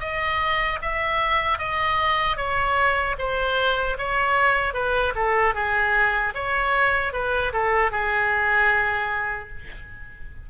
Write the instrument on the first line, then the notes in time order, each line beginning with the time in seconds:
oboe
0.00 D#5
0.81 E5
1.58 D#5
2.37 C#5
3.18 C5
3.98 C#5
4.74 B4
5.15 A4
5.54 G#4
6.35 C#5
7.13 B4
7.53 A4
7.91 G#4